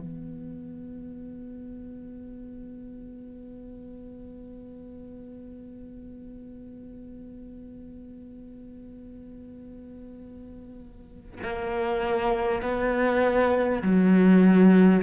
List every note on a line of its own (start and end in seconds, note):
0.00 11.40 B3
11.43 12.63 A#3
12.63 13.83 B3
13.83 15.03 F#3